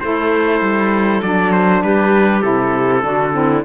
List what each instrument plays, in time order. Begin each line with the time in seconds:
0.00 cello A3, saxophone E4, clarinet A4, trumpet C5
0.60 cello G3
1.22 cello F#3, saxophone D4, trumpet D5
1.52 trumpet C5
1.83 cello G3, clarinet G4, trumpet B4
2.41 cello C3, saxophone E4, trumpet A4
3.01 cello D3, saxophone D4, clarinet F#4
3.32 saxophone C4, clarinet E4